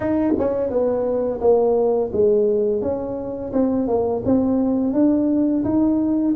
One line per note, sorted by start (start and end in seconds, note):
0.00 0.33 D#4
0.38 0.70 C#4
0.70 1.40 B3
1.40 2.11 A#3
2.12 2.81 G#3
2.81 3.52 C#4
3.53 3.87 C4
3.87 4.23 A#3
4.25 4.93 C4
4.93 5.63 D4
5.64 6.35 D#4